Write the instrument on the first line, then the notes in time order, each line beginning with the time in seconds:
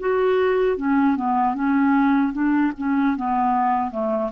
clarinet
0.00 F#4
0.77 C#4
1.17 B3
1.55 C#4
2.33 D4
2.78 C#4
3.17 B3
3.92 A3